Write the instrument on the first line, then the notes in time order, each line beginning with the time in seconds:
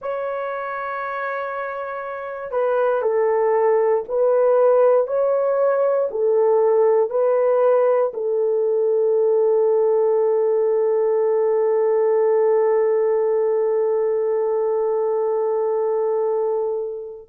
horn
0.01 C#5
2.51 B4
3.02 A4
4.08 B4
5.07 C#5
6.10 A4
7.10 B4
8.13 A4